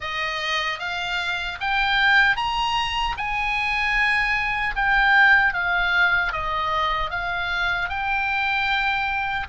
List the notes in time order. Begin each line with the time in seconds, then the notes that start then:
0.00 D#5
0.79 F5
1.60 G5
2.36 A#5
3.17 G#5
4.75 G5
5.53 F5
6.32 D#5
7.10 F5
7.89 G5